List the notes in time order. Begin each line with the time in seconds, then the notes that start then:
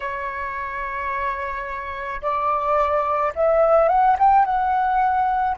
0.00 C#5
2.21 D5
3.35 E5
3.88 F#5
4.19 G5
4.45 F#5